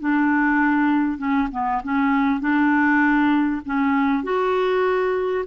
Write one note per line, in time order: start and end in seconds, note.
0.00 1.18 D4
1.18 1.48 C#4
1.52 1.82 B3
1.83 2.40 C#4
2.40 3.61 D4
3.65 4.23 C#4
4.23 5.45 F#4